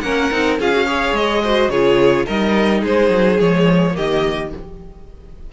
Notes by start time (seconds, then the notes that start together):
0.00 A#3 C#4 A#4 F#5
0.31 C4 D#4
0.59 C#4 F4 G#4 F5
0.73 F#4
0.86 G#4 C#5
1.12 G#3 D#5
1.43 F#4 C5
1.68 C#3 F4 G#4 C#5
2.26 G3 D#4 A#4 D#5
2.81 G#3 G#4 C5
3.10 F#3
3.38 F3 G#3 C#5
3.93 D#3 A#3 G4 D#5